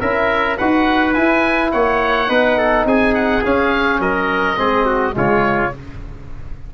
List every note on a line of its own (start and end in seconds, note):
0.00 0.58 C#4
0.00 0.57 E4
0.00 0.57 A#4
0.00 0.57 E5
0.57 1.16 D#4
0.57 1.14 F#4
0.57 1.72 B4
0.57 1.14 F#5
1.14 2.28 E4
1.14 1.73 E4
1.14 1.71 G#5
1.72 2.29 A#3
1.72 2.29 C#5
1.72 2.86 F#5
2.28 2.85 B3
2.28 3.42 D#4
2.28 2.58 B4
2.58 2.86 A4
2.85 3.42 C4
2.85 4.01 G#4
2.85 3.14 G#5
3.14 3.43 F#5
3.45 3.99 C#4
3.45 4.56 C#4
3.45 4.01 F5
3.99 4.57 F#3
3.99 4.58 A#4
3.99 5.15 D#5
4.56 5.15 G#3
4.56 5.12 C4
4.56 4.85 G#4
4.85 5.14 F#4
5.12 5.73 C#3
5.12 5.69 G#3
5.12 5.74 F4
5.12 5.74 C#5